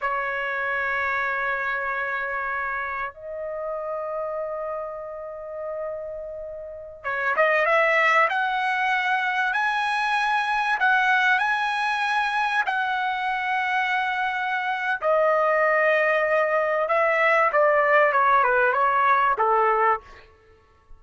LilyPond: \new Staff \with { instrumentName = "trumpet" } { \time 4/4 \tempo 4 = 96 cis''1~ | cis''4 dis''2.~ | dis''2.~ dis''16 cis''8 dis''16~ | dis''16 e''4 fis''2 gis''8.~ |
gis''4~ gis''16 fis''4 gis''4.~ gis''16~ | gis''16 fis''2.~ fis''8. | dis''2. e''4 | d''4 cis''8 b'8 cis''4 a'4 | }